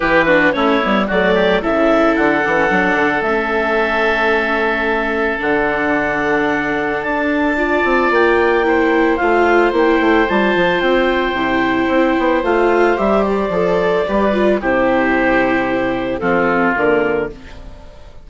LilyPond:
<<
  \new Staff \with { instrumentName = "clarinet" } { \time 4/4 \tempo 4 = 111 b'4 cis''4 d''4 e''4 | fis''2 e''2~ | e''2 fis''2~ | fis''4 a''2 g''4~ |
g''4 f''4 g''4 a''4 | g''2. f''4 | e''8 d''2~ d''8 c''4~ | c''2 a'4 ais'4 | }
  \new Staff \with { instrumentName = "oboe" } { \time 4/4 g'8 fis'8 e'4 fis'8 g'8 a'4~ | a'1~ | a'1~ | a'2 d''2 |
c''1~ | c''1~ | c''2 b'4 g'4~ | g'2 f'2 | }
  \new Staff \with { instrumentName = "viola" } { \time 4/4 e'8 d'8 cis'8 b8 a4 e'4~ | e'8 d'16 cis'16 d'4 cis'2~ | cis'2 d'2~ | d'2 f'2 |
e'4 f'4 e'4 f'4~ | f'4 e'2 f'4 | g'4 a'4 g'8 f'8 e'4~ | e'2 c'4 ais4 | }
  \new Staff \with { instrumentName = "bassoon" } { \time 4/4 e4 a8 g8 fis4 cis4 | d8 e8 fis8 d8 a2~ | a2 d2~ | d4 d'4. c'8 ais4~ |
ais4 a4 ais8 a8 g8 f8 | c'4 c4 c'8 b8 a4 | g4 f4 g4 c4~ | c2 f4 d4 | }
>>